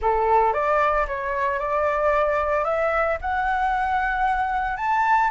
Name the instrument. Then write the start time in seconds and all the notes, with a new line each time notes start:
flute
0.01 A4
0.53 D5
1.07 C#5
1.59 D5
2.64 E5
3.21 F#5
4.76 A5